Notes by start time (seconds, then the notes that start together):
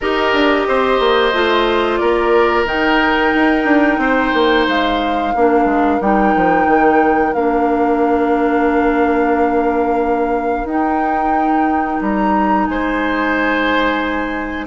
0.00 D#4 G4 A#4 D#5
0.33 D4
0.68 C4 C5
0.99 A#3
1.33 A3 F4
1.97 A#3 A#4 D5
2.65 D#3 D#4 G5
3.34 D#4
3.64 D4
3.98 C4 C5
4.33 A#3
4.67 G#3 F5
5.34 A#3 D4 A#4
5.65 G#3
6.00 G3 D#4 G5
6.35 F3
6.66 D#3
7.33 A#3 D4 F5
10.64 D#4 G5
12.01 G3 A#5
12.66 G#3 C5 G#5